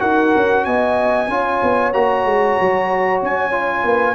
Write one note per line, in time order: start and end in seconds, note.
0.00 0.34 D#4
0.00 1.28 F#4
0.00 0.64 A#4
0.00 0.65 F#5
0.36 0.66 C#4
0.65 1.29 B3
0.65 1.31 D#5
0.65 1.93 G#5
1.29 1.61 C#4
1.29 1.94 F4
1.29 3.86 C#5
1.63 1.94 B3
1.93 2.26 A#3
1.93 3.52 F#4
1.93 3.21 A#5
2.26 2.57 G#3
2.61 3.23 F#3
3.23 3.84 C#4
3.23 4.15 G#5
3.52 4.15 F4
3.84 4.15 A#3
3.84 4.15 B4